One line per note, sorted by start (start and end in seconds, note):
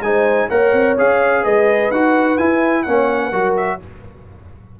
0.00 0.47 G#3
0.00 0.50 D#4
0.00 0.48 C5
0.00 0.49 G#5
0.48 0.73 A#3
0.48 0.97 A#4
0.48 1.42 C#5
0.48 0.97 F#5
0.73 0.96 C4
0.98 1.45 C#4
0.98 1.92 G#4
0.98 1.44 F5
1.42 1.91 G#3
1.42 2.83 B4
1.42 1.91 D#5
1.91 2.38 D#4
1.91 2.38 F#4
1.91 2.37 F#5
2.37 2.86 E4
2.37 2.83 G#5
2.83 3.32 A#3
2.83 3.32 C#4
2.83 3.22 C#5
2.83 3.54 F#5
3.23 3.31 B4
3.31 3.79 F#3
3.31 3.80 F#4
3.31 3.79 A#4
3.56 3.80 E5